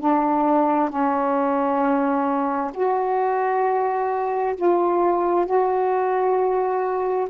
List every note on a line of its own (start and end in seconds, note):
0.00 0.90 D4
0.90 2.71 C#4
2.74 4.56 F#4
4.57 5.46 F4
5.46 7.28 F#4